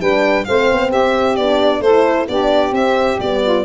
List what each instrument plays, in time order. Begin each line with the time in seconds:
0.00 tuba G3, horn D4, saxophone B4, violin G5
0.45 tuba A3, horn C4, saxophone C5, violin F5
0.71 tuba B3
0.89 tuba C4, saxophone G4, violin E5
1.36 tuba B3, horn D4, violin D5
1.80 tuba A3, horn E4, saxophone A4, violin C5
2.28 tuba B3, horn D4, saxophone G4, violin D5
2.72 tuba C4, horn C4, violin E5
3.19 tuba G3, horn B3, violin D5
3.43 saxophone F4